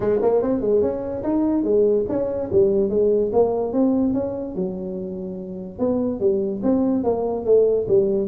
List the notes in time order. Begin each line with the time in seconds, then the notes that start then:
0.00 G#3
0.21 A#3
0.42 C4
0.60 G#3
0.81 C#4
1.23 D#4
1.63 G#3
2.09 C#4
2.51 G3
2.89 G#3
3.32 A#3
3.72 C4
4.13 C#4
4.55 F#3
5.78 B3
6.20 G3
6.63 C4
7.03 A#3
7.45 A3
7.88 G3